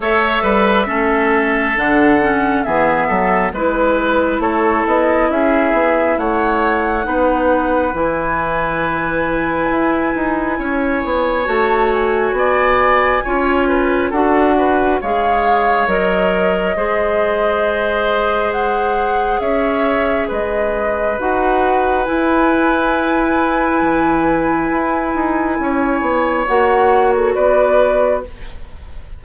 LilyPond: <<
  \new Staff \with { instrumentName = "flute" } { \time 4/4 \tempo 4 = 68 e''2 fis''4 e''4 | b'4 cis''8 dis''8 e''4 fis''4~ | fis''4 gis''2.~ | gis''4 a''8 gis''2~ gis''8 |
fis''4 f''4 dis''2~ | dis''4 fis''4 e''4 dis''4 | fis''4 gis''2.~ | gis''2 fis''8. a'16 d''4 | }
  \new Staff \with { instrumentName = "oboe" } { \time 4/4 cis''8 b'8 a'2 gis'8 a'8 | b'4 a'4 gis'4 cis''4 | b'1 | cis''2 d''4 cis''8 b'8 |
a'8 b'8 cis''2 c''4~ | c''2 cis''4 b'4~ | b'1~ | b'4 cis''2 b'4 | }
  \new Staff \with { instrumentName = "clarinet" } { \time 4/4 a'4 cis'4 d'8 cis'8 b4 | e'1 | dis'4 e'2.~ | e'4 fis'2 f'4 |
fis'4 gis'4 ais'4 gis'4~ | gis'1 | fis'4 e'2.~ | e'2 fis'2 | }
  \new Staff \with { instrumentName = "bassoon" } { \time 4/4 a8 g8 a4 d4 e8 fis8 | gis4 a8 b8 cis'8 b8 a4 | b4 e2 e'8 dis'8 | cis'8 b8 a4 b4 cis'4 |
d'4 gis4 fis4 gis4~ | gis2 cis'4 gis4 | dis'4 e'2 e4 | e'8 dis'8 cis'8 b8 ais4 b4 | }
>>